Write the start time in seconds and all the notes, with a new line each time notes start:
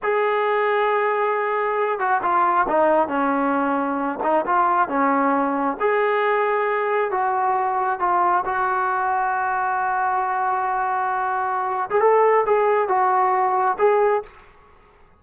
0.02 G#4
1.99 F#4
2.22 F4
2.67 D#4
3.08 C#4
4.23 D#4
4.46 F4
4.88 C#4
5.80 G#4
7.11 F#4
7.99 F4
8.45 F#4
11.89 G#4
12.00 A4
12.45 G#4
12.88 F#4
13.78 G#4